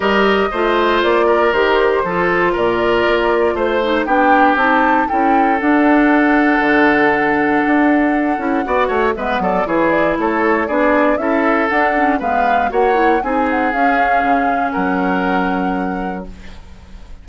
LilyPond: <<
  \new Staff \with { instrumentName = "flute" } { \time 4/4 \tempo 4 = 118 dis''2 d''4 c''4~ | c''4 d''2 c''4 | g''4 a''4 g''4 fis''4~ | fis''1~ |
fis''2 e''8 d''8 cis''8 d''8 | cis''4 d''4 e''4 fis''4 | f''4 fis''4 gis''8 fis''8 f''4~ | f''4 fis''2. | }
  \new Staff \with { instrumentName = "oboe" } { \time 4/4 ais'4 c''4. ais'4. | a'4 ais'2 c''4 | g'2 a'2~ | a'1~ |
a'4 d''8 cis''8 b'8 a'8 gis'4 | a'4 gis'4 a'2 | b'4 cis''4 gis'2~ | gis'4 ais'2. | }
  \new Staff \with { instrumentName = "clarinet" } { \time 4/4 g'4 f'2 g'4 | f'2.~ f'8 dis'8 | d'4 dis'4 e'4 d'4~ | d'1~ |
d'8 e'8 fis'4 b4 e'4~ | e'4 d'4 e'4 d'8 cis'8 | b4 fis'8 e'8 dis'4 cis'4~ | cis'1 | }
  \new Staff \with { instrumentName = "bassoon" } { \time 4/4 g4 a4 ais4 dis4 | f4 ais,4 ais4 a4 | b4 c'4 cis'4 d'4~ | d'4 d2 d'4~ |
d'8 cis'8 b8 a8 gis8 fis8 e4 | a4 b4 cis'4 d'4 | gis4 ais4 c'4 cis'4 | cis4 fis2. | }
>>